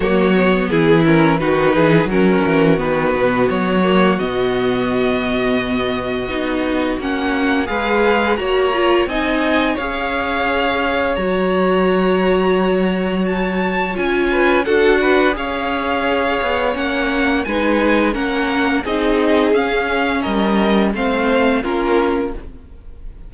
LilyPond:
<<
  \new Staff \with { instrumentName = "violin" } { \time 4/4 \tempo 4 = 86 cis''4 gis'8 ais'8 b'4 ais'4 | b'4 cis''4 dis''2~ | dis''2 fis''4 f''4 | ais''4 gis''4 f''2 |
ais''2. a''4 | gis''4 fis''4 f''2 | fis''4 gis''4 fis''4 dis''4 | f''4 dis''4 f''4 ais'4 | }
  \new Staff \with { instrumentName = "violin" } { \time 4/4 fis'4 e'4 fis'8 gis'8 fis'4~ | fis'1~ | fis'2. b'4 | cis''4 dis''4 cis''2~ |
cis''1~ | cis''8 b'8 a'8 b'8 cis''2~ | cis''4 b'4 ais'4 gis'4~ | gis'4 ais'4 c''4 f'4 | }
  \new Staff \with { instrumentName = "viola" } { \time 4/4 ais8 b4 cis'8 dis'4 cis'4 | b4. ais8 b2~ | b4 dis'4 cis'4 gis'4 | fis'8 f'8 dis'4 gis'2 |
fis'1 | f'4 fis'4 gis'2 | cis'4 dis'4 cis'4 dis'4 | cis'2 c'4 cis'4 | }
  \new Staff \with { instrumentName = "cello" } { \time 4/4 fis4 e4 dis8 e8 fis8 e8 | dis8 b,8 fis4 b,2~ | b,4 b4 ais4 gis4 | ais4 c'4 cis'2 |
fis1 | cis'4 d'4 cis'4. b8 | ais4 gis4 ais4 c'4 | cis'4 g4 a4 ais4 | }
>>